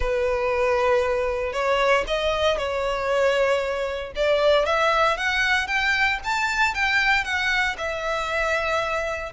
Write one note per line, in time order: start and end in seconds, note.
0.00 1.52 B4
1.52 2.04 C#5
2.07 2.57 D#5
2.57 4.12 C#5
4.15 4.65 D5
4.65 5.17 E5
5.17 5.67 F#5
5.67 6.19 G5
6.24 6.74 A5
6.74 7.24 G5
7.24 7.76 F#5
7.77 9.32 E5